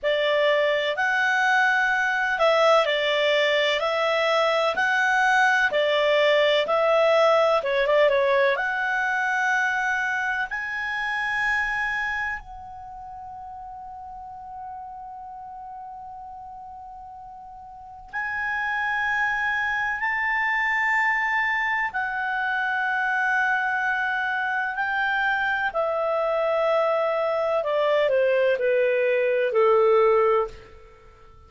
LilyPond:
\new Staff \with { instrumentName = "clarinet" } { \time 4/4 \tempo 4 = 63 d''4 fis''4. e''8 d''4 | e''4 fis''4 d''4 e''4 | cis''16 d''16 cis''8 fis''2 gis''4~ | gis''4 fis''2.~ |
fis''2. gis''4~ | gis''4 a''2 fis''4~ | fis''2 g''4 e''4~ | e''4 d''8 c''8 b'4 a'4 | }